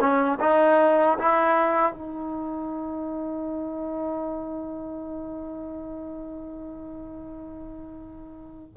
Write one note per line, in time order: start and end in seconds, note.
0.00 0.39 C#4
0.40 1.18 D#4
1.19 1.93 E4
1.93 8.75 D#4